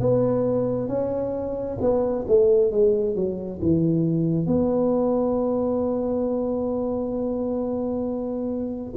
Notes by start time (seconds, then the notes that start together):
0.00 B3
0.88 C#4
1.81 B3
2.28 A3
2.71 G#3
3.15 F#3
3.61 E3
4.47 B3